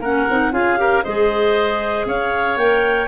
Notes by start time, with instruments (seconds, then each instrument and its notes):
0.00 tuba A#3, clarinet C#4 F#5, oboe A#4
0.30 tuba C4, clarinet D#4
0.52 tuba C#4, clarinet F4 F5, oboe G#4
0.78 clarinet G4, oboe A#4
1.04 tuba G#3, clarinet G#4 D#5, oboe C5
2.06 tuba C#4, oboe C#5, clarinet F5
2.58 tuba A#3, clarinet A#4 G5